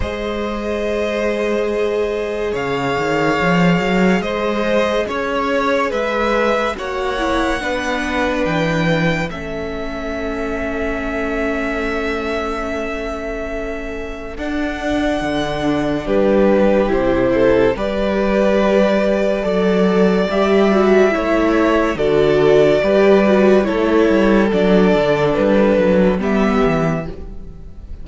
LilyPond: <<
  \new Staff \with { instrumentName = "violin" } { \time 4/4 \tempo 4 = 71 dis''2. f''4~ | f''4 dis''4 cis''4 e''4 | fis''2 g''4 e''4~ | e''1~ |
e''4 fis''2 b'4 | c''4 d''2. | e''2 d''2 | cis''4 d''4 b'4 e''4 | }
  \new Staff \with { instrumentName = "violin" } { \time 4/4 c''2. cis''4~ | cis''4 c''4 cis''4 b'4 | cis''4 b'2 a'4~ | a'1~ |
a'2. g'4~ | g'8 a'8 b'2 d''4~ | d''4 cis''4 a'4 b'4 | a'2. g'4 | }
  \new Staff \with { instrumentName = "viola" } { \time 4/4 gis'1~ | gis'1 | fis'8 e'8 d'2 cis'4~ | cis'1~ |
cis'4 d'2. | e'4 g'2 a'4 | g'8 fis'8 e'4 fis'4 g'8 fis'8 | e'4 d'2 b4 | }
  \new Staff \with { instrumentName = "cello" } { \time 4/4 gis2. cis8 dis8 | f8 fis8 gis4 cis'4 gis4 | ais4 b4 e4 a4~ | a1~ |
a4 d'4 d4 g4 | c4 g2 fis4 | g4 a4 d4 g4 | a8 g8 fis8 d8 g8 fis8 g8 e8 | }
>>